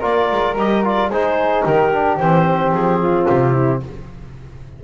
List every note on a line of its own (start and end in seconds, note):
0.00 0.31 A#3
0.00 0.55 F4
0.00 1.08 A#4
0.00 0.56 D5
0.32 0.56 G#3
0.56 1.10 G3
0.56 0.84 G4
0.56 0.85 D#5
0.84 1.11 F4
0.84 1.11 D5
1.10 1.64 G#3
1.10 1.93 D#4
1.10 1.65 G#4
1.10 1.65 C5
1.65 2.20 D#3
1.65 3.00 G4
1.65 2.17 A#4
1.93 2.20 D4
2.17 2.72 E3
2.17 3.84 C4
2.17 2.72 C5
2.72 3.26 F3
2.72 3.26 G#4
3.02 3.53 F4
3.26 3.84 C3
3.26 3.80 G4
3.53 3.80 E4